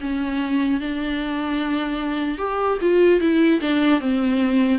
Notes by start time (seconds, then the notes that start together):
0.00 C#4
0.80 D4
2.38 G4
2.81 F4
3.20 E4
3.60 D4
4.00 C4